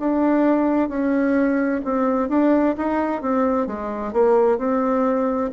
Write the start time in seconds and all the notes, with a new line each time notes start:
0.00 D4
0.89 C#4
1.85 C4
2.29 D4
2.77 D#4
3.22 C4
3.67 G#3
4.13 A#3
4.58 C4